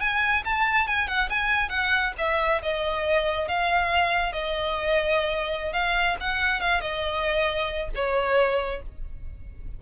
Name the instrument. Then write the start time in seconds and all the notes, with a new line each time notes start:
violin
0.00 G#5
0.45 A5
0.87 G#5
1.08 F#5
1.30 G#5
1.69 F#5
2.18 E5
2.63 D#5
3.48 F5
4.33 D#5
5.73 F5
6.21 F#5
6.61 F5
6.81 D#5
7.95 C#5